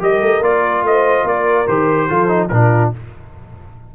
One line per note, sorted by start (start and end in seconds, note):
0.00 0.21 G3
0.00 0.41 G4
0.00 0.85 A#4
0.00 0.43 D#5
0.21 0.42 A3
0.42 0.83 A#3
0.42 1.67 F4
0.42 0.85 D5
0.83 1.24 A3
0.83 1.26 C5
0.83 1.27 D#5
1.24 1.66 A#3
1.24 2.08 A#4
1.24 1.68 D5
1.68 2.09 D#3
1.68 2.10 G4
1.68 2.49 C5
2.08 2.51 F3
2.08 2.28 F4
2.08 2.50 A4
2.28 2.49 D#4
2.49 2.92 A#2
2.49 2.93 D4
2.49 2.95 F4
2.49 2.90 A#4